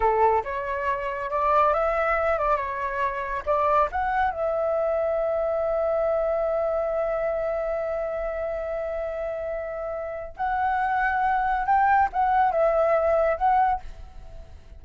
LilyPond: \new Staff \with { instrumentName = "flute" } { \time 4/4 \tempo 4 = 139 a'4 cis''2 d''4 | e''4. d''8 cis''2 | d''4 fis''4 e''2~ | e''1~ |
e''1~ | e''1 | fis''2. g''4 | fis''4 e''2 fis''4 | }